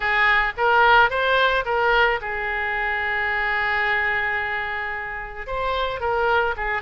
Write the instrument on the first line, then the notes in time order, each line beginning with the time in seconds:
oboe
0.00 G#4
0.57 A#4
1.10 C5
1.65 A#4
2.21 G#4
5.46 C5
6.00 A#4
6.56 G#4